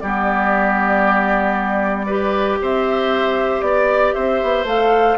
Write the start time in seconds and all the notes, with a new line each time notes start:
0.00 G3 B3 G4 D5
2.06 G4 B4
2.61 C4 C5 E5
3.61 B3 D5
4.14 C4 C5 E5
4.42 B3
4.64 A3 A4 F5